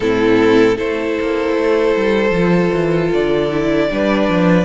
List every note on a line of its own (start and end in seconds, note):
0.00 0.78 A2
0.00 0.75 C4
0.00 0.75 E4
0.00 0.77 A4
0.75 1.18 A3
0.75 2.31 E4
0.75 3.87 A4
0.75 3.11 C5
1.21 1.56 A#3
1.56 1.95 A3
1.96 2.30 G3
2.30 2.69 F3
2.30 3.50 F4
2.73 3.12 E3
3.13 3.91 D3
3.13 4.65 D5
3.50 3.89 E4
3.90 4.28 G3
3.90 4.65 D4
3.90 4.65 B4
4.28 4.65 F3